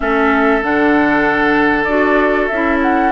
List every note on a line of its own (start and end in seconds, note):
0.00 0.62 A3
0.00 0.61 C#4
0.00 3.11 A4
0.00 0.63 E5
0.62 1.86 D3
0.62 1.87 D4
0.62 1.84 F#5
1.84 2.49 D4
1.84 2.50 F#4
1.84 2.46 D5
2.46 3.11 C#4
2.46 2.77 E5
2.53 3.11 E4
2.82 3.11 F#5